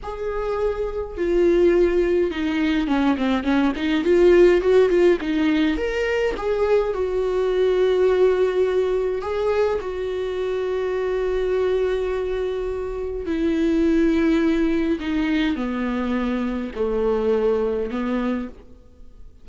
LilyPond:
\new Staff \with { instrumentName = "viola" } { \time 4/4 \tempo 4 = 104 gis'2 f'2 | dis'4 cis'8 c'8 cis'8 dis'8 f'4 | fis'8 f'8 dis'4 ais'4 gis'4 | fis'1 |
gis'4 fis'2.~ | fis'2. e'4~ | e'2 dis'4 b4~ | b4 a2 b4 | }